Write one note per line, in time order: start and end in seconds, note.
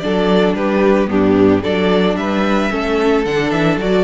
0.00 0.55 F#3
0.00 1.08 D4
0.00 0.57 A4
0.00 0.54 D5
0.55 1.09 G3
0.55 1.10 G4
0.55 1.10 B4
1.08 1.64 G2
1.08 1.62 B3
1.08 1.62 D4
1.08 1.64 G4
1.62 2.17 F#3
1.62 2.70 D4
1.62 2.16 A4
1.62 2.17 D5
2.17 2.71 G3
2.17 2.72 B4
2.17 3.25 E5
2.70 3.26 A3
2.70 3.24 C#4
2.70 4.04 A4
3.25 3.52 D3
3.25 3.81 D4
3.25 3.51 F#5
3.51 3.77 E3
3.51 3.78 E5
3.77 4.04 F#3
3.77 4.04 F#4
3.77 4.04 D5